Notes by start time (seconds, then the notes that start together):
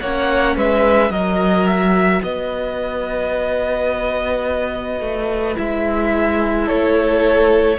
0.00 A#3 C#4 C#5 F#5
0.56 G#3 B4 E5
1.10 F#3 F#4 A#4 D#5
1.66 E5
2.23 B3 B4 D#5
5.00 A3
5.55 G#3 E4 E5
6.66 A3 A4 C#5